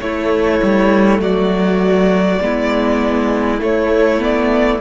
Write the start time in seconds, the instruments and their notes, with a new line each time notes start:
0.00 cello A3, viola A3, violin E4 C#5
0.62 cello G3
1.19 cello F#3, violin F#4 D5
2.41 cello G#3, viola B3, violin E4
3.59 viola A3, cello A3, violin C#5
4.19 viola B3, violin D5